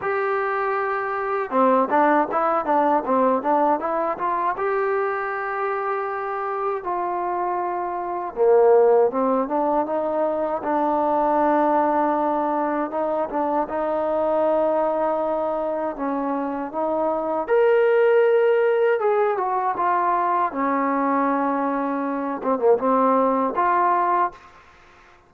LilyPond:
\new Staff \with { instrumentName = "trombone" } { \time 4/4 \tempo 4 = 79 g'2 c'8 d'8 e'8 d'8 | c'8 d'8 e'8 f'8 g'2~ | g'4 f'2 ais4 | c'8 d'8 dis'4 d'2~ |
d'4 dis'8 d'8 dis'2~ | dis'4 cis'4 dis'4 ais'4~ | ais'4 gis'8 fis'8 f'4 cis'4~ | cis'4. c'16 ais16 c'4 f'4 | }